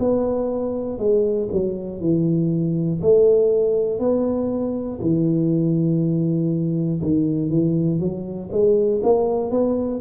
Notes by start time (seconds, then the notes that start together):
0.00 B3
0.99 G#3
1.52 F#3
2.01 E3
3.02 A3
4.00 B3
5.01 E3
7.02 D#3
7.50 E3
8.00 F#3
8.52 G#3
9.04 A#3
9.51 B3